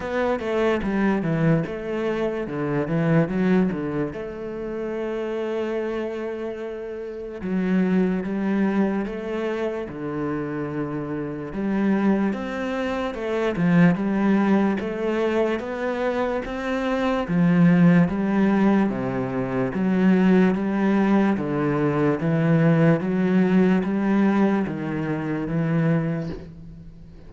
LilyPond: \new Staff \with { instrumentName = "cello" } { \time 4/4 \tempo 4 = 73 b8 a8 g8 e8 a4 d8 e8 | fis8 d8 a2.~ | a4 fis4 g4 a4 | d2 g4 c'4 |
a8 f8 g4 a4 b4 | c'4 f4 g4 c4 | fis4 g4 d4 e4 | fis4 g4 dis4 e4 | }